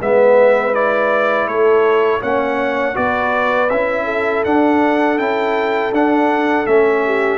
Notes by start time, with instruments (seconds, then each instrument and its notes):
0.00 tuba G#3, trombone B3, horn B4, trumpet E5
0.73 trombone E4, trumpet D5
1.47 tuba A3, horn A4, trumpet C#5
2.20 tuba A#3, trombone C#4, horn C#5, trumpet F#5
2.94 tuba B3, trombone F#4, horn B4, trumpet D5
3.70 tuba C#4, trombone E4, trumpet E5
4.04 horn A4
4.45 tuba D4, trombone D4, trumpet F#5
5.18 tuba C#4, trombone E4, trumpet G5
5.92 tuba D4, trombone D4, trumpet F#5
6.67 tuba A3, trombone C#4, trumpet E5
7.05 horn G4